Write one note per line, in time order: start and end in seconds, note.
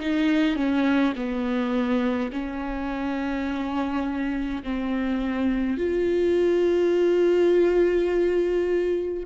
0.00 0.56 D#4
0.56 1.14 C#4
1.16 2.32 B3
2.33 4.64 C#4
4.64 5.78 C4
5.78 9.24 F4